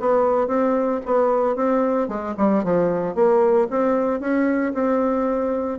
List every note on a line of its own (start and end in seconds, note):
0.00 0.48 B3
0.48 1.01 C4
1.06 1.56 B3
1.56 2.09 C4
2.09 2.35 G#3
2.38 2.64 G3
2.64 3.15 F3
3.15 3.68 A#3
3.70 4.20 C4
4.20 4.74 C#4
4.74 5.79 C4